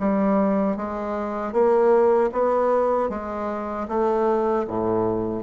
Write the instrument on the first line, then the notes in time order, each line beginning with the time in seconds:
bassoon
0.00 G3
0.77 G#3
1.53 A#3
2.33 B3
3.10 G#3
3.89 A3
4.68 A2